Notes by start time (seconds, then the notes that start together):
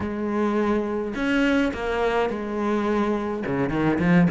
0.00 G#3
1.15 C#4
1.73 A#3
2.29 G#3
3.46 C#3
3.69 D#3
3.99 F3